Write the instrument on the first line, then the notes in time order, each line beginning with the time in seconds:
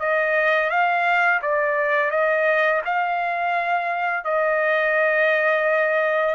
trumpet
0.00 D#5
0.70 F5
1.42 D5
2.11 D#5
2.86 F5
4.24 D#5